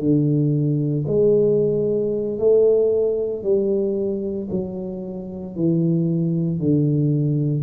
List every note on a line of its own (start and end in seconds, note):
0.00 1.05 D3
1.08 2.39 G#3
2.39 3.44 A3
3.44 4.49 G3
4.51 5.56 F#3
5.56 6.60 E3
6.60 7.64 D3